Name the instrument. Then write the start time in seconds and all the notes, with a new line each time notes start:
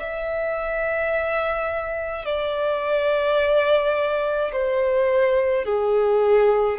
violin
0.00 E5
2.26 D5
4.53 C5
5.65 G#4